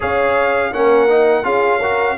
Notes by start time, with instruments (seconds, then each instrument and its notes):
0.00 tuba C#4, trombone G#4, horn C#5, trumpet F5
0.72 tuba A#3, trombone C#4, horn A#4, trumpet F#5
1.09 trombone D#4
1.43 tuba C#4, trombone F4, horn G#4, trumpet F5
1.78 trombone F#4, horn A#4